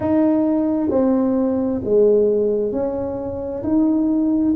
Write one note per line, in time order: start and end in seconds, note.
0.00 0.90 D#4
0.90 1.81 C4
1.84 2.71 G#3
2.71 3.62 C#4
3.63 4.54 D#4